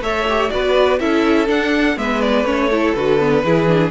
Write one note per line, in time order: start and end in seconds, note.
0.00 0.49 A3
0.00 0.26 A4
0.00 0.52 C#5
0.00 0.50 E5
0.29 0.50 G4
0.50 1.00 B3
0.50 0.99 F#4
0.50 0.99 B4
0.50 0.99 D5
0.99 1.48 C#4
0.99 1.46 E4
0.99 1.97 A4
0.99 1.48 E5
1.46 1.95 D4
1.46 1.97 D4
1.46 1.98 F#5
1.96 2.44 G#3
1.96 2.45 B3
1.96 2.69 B4
1.96 2.21 E5
2.21 2.45 D5
2.44 2.93 A3
2.44 2.69 C#4
2.44 2.94 C#5
2.69 2.95 E4
2.69 3.43 A4
2.94 3.44 D3
2.94 3.19 F#4
2.94 3.91 B4
3.19 3.44 B3
3.44 3.91 E3
3.44 3.67 E4
3.44 3.91 G#4
3.67 3.91 D4